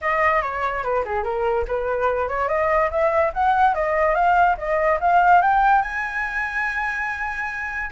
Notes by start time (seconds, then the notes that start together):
0.01 D#5
0.42 C#5
0.83 B4
1.04 G#4
1.23 A#4
1.67 B4
2.28 C#5
2.48 D#5
2.90 E5
3.33 F#5
3.74 D#5
4.15 F5
4.57 D#5
5.00 F5
5.41 G5
5.82 G#5